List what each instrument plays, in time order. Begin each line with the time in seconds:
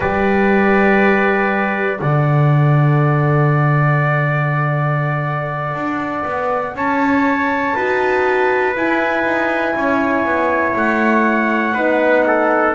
0.00 double bass G3, horn G4, trumpet B4 D5
1.99 double bass D3, horn A4, trumpet D5 F#5
5.74 double bass D4
6.25 double bass B3
6.74 double bass C#4, trumpet C#5 A5
7.75 double bass D#4, horn F#4, trumpet B4
8.76 horn E4, double bass E4, trumpet G#5
9.24 double bass D#4
9.75 double bass C#4, trumpet C#5
10.25 double bass B3
10.75 double bass A3, trumpet F#5
11.74 double bass B3, horn D#4, trumpet B4
12.27 trumpet A4